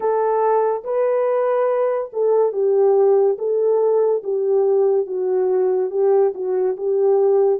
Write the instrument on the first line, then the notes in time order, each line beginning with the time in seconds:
horn
0.00 A4
0.83 B4
2.12 A4
2.52 G4
3.38 A4
4.23 G4
5.06 F#4
5.90 G4
6.34 F#4
6.76 G4